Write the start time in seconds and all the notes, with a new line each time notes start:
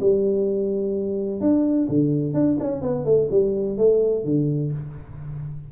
0.00 G3
1.40 D4
1.89 D3
2.33 D4
2.60 C#4
2.82 B3
3.05 A3
3.30 G3
3.77 A3
4.24 D3